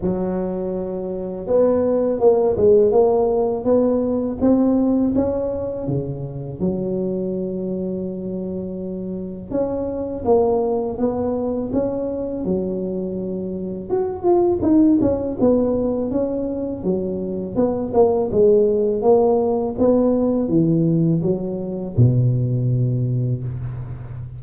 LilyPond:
\new Staff \with { instrumentName = "tuba" } { \time 4/4 \tempo 4 = 82 fis2 b4 ais8 gis8 | ais4 b4 c'4 cis'4 | cis4 fis2.~ | fis4 cis'4 ais4 b4 |
cis'4 fis2 fis'8 f'8 | dis'8 cis'8 b4 cis'4 fis4 | b8 ais8 gis4 ais4 b4 | e4 fis4 b,2 | }